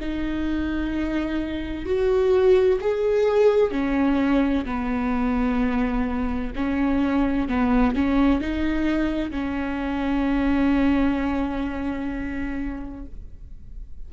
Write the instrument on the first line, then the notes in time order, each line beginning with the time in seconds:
viola
0.00 D#4
1.85 F#4
2.80 G#4
3.71 C#4
4.65 B3
6.56 C#4
7.48 B3
7.95 C#4
8.41 D#4
9.31 C#4